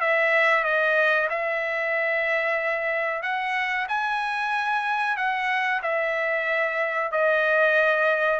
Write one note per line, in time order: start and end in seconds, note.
0.00 0.64 E5
0.64 1.28 D#5
1.29 3.22 E5
3.22 3.87 F#5
3.88 5.16 G#5
5.16 5.81 F#5
5.82 7.11 E5
7.11 8.40 D#5